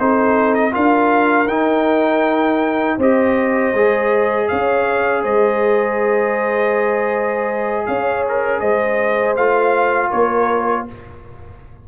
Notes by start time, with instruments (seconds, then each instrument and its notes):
0.00 tuba C4, trombone D#4, horn A4, trumpet C5
0.55 trumpet D#5
0.72 tuba D4, trombone F4, horn A#4, trumpet F5
1.48 tuba D#4, trombone D#4, trumpet G5
2.98 tuba C4, trombone G4, horn C5, trumpet D#5
3.74 tuba G#3, trombone G#4
4.48 tuba C#4, horn C#5, trumpet F5
5.24 tuba G#3, horn C5, trumpet D#5
7.87 tuba C#4, horn C#5, trumpet F5
8.29 trumpet A#4
8.61 tuba G#3, horn C5, trumpet D#5
9.36 tuba A3, trombone F4, trumpet F5
10.10 tuba A#3, horn A#4, trumpet C#5